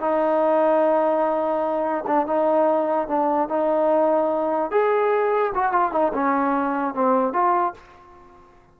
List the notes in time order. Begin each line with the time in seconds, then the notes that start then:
0.00 D#4
2.07 D4
2.26 D#4
3.07 D4
3.48 D#4
4.71 G#4
5.54 F#4
5.72 F4
5.92 D#4
6.13 C#4
6.94 C4
7.33 F4